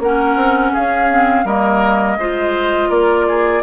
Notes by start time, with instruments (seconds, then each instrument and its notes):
0.00 bassoon A#3, clarinet C#4, oboe A#4, flute F#5
0.36 bassoon C4
0.73 bassoon C#4, oboe G#4, flute F5
1.10 clarinet C4
1.45 bassoon G3, clarinet A#3, oboe A#4, flute D#5
2.17 bassoon G#3, clarinet F4, oboe C5
2.90 bassoon A#3, oboe A#4, flute D5
3.28 oboe G#4